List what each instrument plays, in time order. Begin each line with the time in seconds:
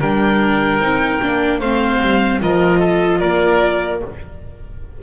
0.00 double bass G3, viola D4, oboe A#4, violin G5
0.80 double bass C4, viola D#4
1.22 double bass A#3, viola D4
1.60 double bass A3, viola C4, oboe C5, violin F5
2.01 double bass G3
2.41 double bass F3, viola F4, oboe A#4, violin D#5
2.79 oboe A4
3.20 double bass A#3, oboe A#4, violin D5